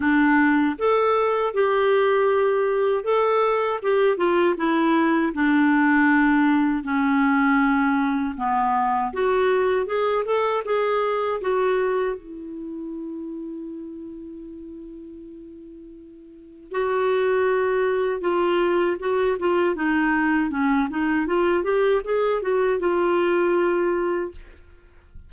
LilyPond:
\new Staff \with { instrumentName = "clarinet" } { \time 4/4 \tempo 4 = 79 d'4 a'4 g'2 | a'4 g'8 f'8 e'4 d'4~ | d'4 cis'2 b4 | fis'4 gis'8 a'8 gis'4 fis'4 |
e'1~ | e'2 fis'2 | f'4 fis'8 f'8 dis'4 cis'8 dis'8 | f'8 g'8 gis'8 fis'8 f'2 | }